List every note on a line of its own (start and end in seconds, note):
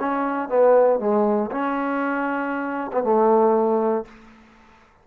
0.00 0.49 C#4
0.49 1.00 B3
1.00 1.50 G#3
1.51 2.91 C#4
2.92 3.04 B3
3.04 4.05 A3